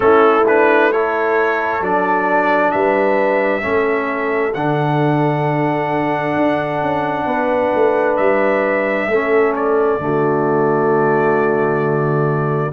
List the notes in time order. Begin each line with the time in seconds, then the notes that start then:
0.00 A3 C#4 E4 A4
0.47 D4 B4
0.91 E4 A4 C#5
1.80 F#3 D4 D5
2.71 G3 B4 E5
3.61 A3 C#4 A4
4.54 D3 D4 F#5
6.36 D4
6.81 C#4
7.25 B3 B4
7.74 A3
8.16 G3 E5
9.07 A3 C#4 A4
9.55 D5
9.98 D3 A3 F#4